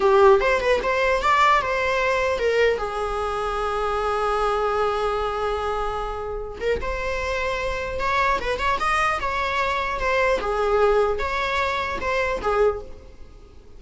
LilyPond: \new Staff \with { instrumentName = "viola" } { \time 4/4 \tempo 4 = 150 g'4 c''8 b'8 c''4 d''4 | c''2 ais'4 gis'4~ | gis'1~ | gis'1~ |
gis'8 ais'8 c''2. | cis''4 b'8 cis''8 dis''4 cis''4~ | cis''4 c''4 gis'2 | cis''2 c''4 gis'4 | }